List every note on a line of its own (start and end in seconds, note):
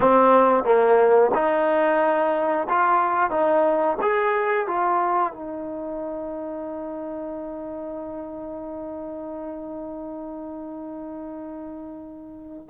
0.00 0.64 C4
0.64 1.30 A#3
1.34 2.67 D#4
2.69 3.30 F4
3.30 3.97 D#4
4.02 4.67 G#4
4.67 5.33 F4
5.33 12.66 D#4